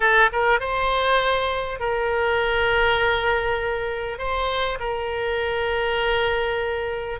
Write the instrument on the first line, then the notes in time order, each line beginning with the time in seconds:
oboe
0.00 A4
0.32 A#4
0.60 C5
1.79 A#4
4.18 C5
4.79 A#4